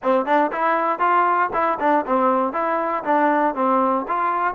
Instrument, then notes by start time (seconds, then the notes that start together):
trombone
0.03 C4
0.25 D4
0.52 E4
0.99 F4
1.53 E4
1.79 D4
2.06 C4
2.53 E4
3.03 D4
3.55 C4
4.07 F4